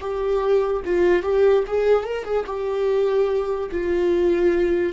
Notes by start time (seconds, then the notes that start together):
0.00 G4
0.84 F4
1.23 G4
1.67 G#4
2.04 A#4
2.24 G#4
2.46 G4
3.71 F4